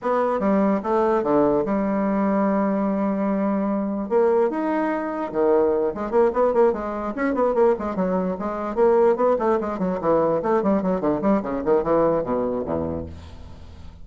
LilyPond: \new Staff \with { instrumentName = "bassoon" } { \time 4/4 \tempo 4 = 147 b4 g4 a4 d4 | g1~ | g2 ais4 dis'4~ | dis'4 dis4. gis8 ais8 b8 |
ais8 gis4 cis'8 b8 ais8 gis8 fis8~ | fis8 gis4 ais4 b8 a8 gis8 | fis8 e4 a8 g8 fis8 d8 g8 | cis8 dis8 e4 b,4 e,4 | }